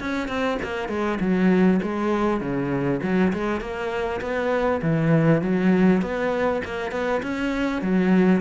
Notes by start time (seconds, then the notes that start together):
0.00 C#4
0.28 C4
0.63 A#3
0.89 G#3
1.20 F#3
1.83 G#3
2.41 C#3
3.03 F#3
3.33 G#3
3.61 A#3
4.21 B3
4.82 E3
5.42 F#3
6.02 B3
6.65 A#3
6.92 B3
7.23 C#4
7.82 F#3